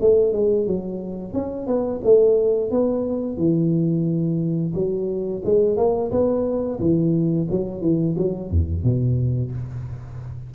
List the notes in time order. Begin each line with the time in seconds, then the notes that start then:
0.00 A3
0.33 G#3
0.67 F#3
1.33 C#4
1.67 B3
2.04 A3
2.71 B3
3.37 E3
4.74 F#3
5.45 G#3
5.76 A#3
6.11 B3
6.79 E3
7.50 F#3
7.81 E3
8.17 F#3
8.50 E2
8.83 B2